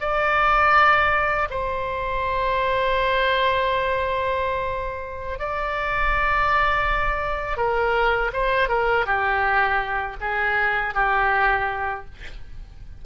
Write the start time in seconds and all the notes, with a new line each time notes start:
0.00 D5
1.50 C5
5.39 D5
7.57 A#4
8.33 C5
8.69 A#4
9.05 G4
10.21 G#4
10.94 G4